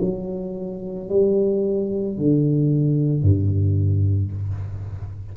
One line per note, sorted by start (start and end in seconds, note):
0.00 1.09 F#3
1.09 2.17 G3
2.17 3.22 D3
3.22 4.31 G2